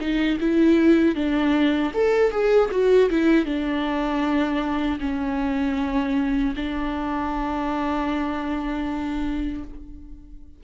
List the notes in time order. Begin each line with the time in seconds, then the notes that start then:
0.00 D#4
0.40 E4
1.15 D4
1.94 A4
2.31 G#4
2.71 F#4
3.10 E4
3.45 D4
5.00 C#4
6.56 D4